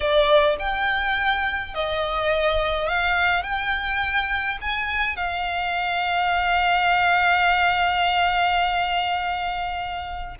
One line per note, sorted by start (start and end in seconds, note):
0.00 0.56 D5
0.59 1.74 G5
1.74 2.88 D#5
2.88 3.43 F5
3.43 4.58 G5
4.61 5.16 G#5
5.16 10.35 F5